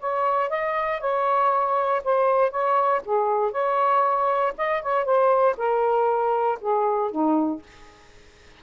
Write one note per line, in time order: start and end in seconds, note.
0.00 0.50 C#5
0.50 1.01 D#5
1.01 2.02 C#5
2.04 2.51 C5
2.51 3.02 C#5
3.05 3.52 G#4
3.52 4.53 C#5
4.58 4.83 D#5
4.83 5.05 C#5
5.05 5.56 C5
5.57 6.59 A#4
6.61 7.11 G#4
7.11 7.62 D#4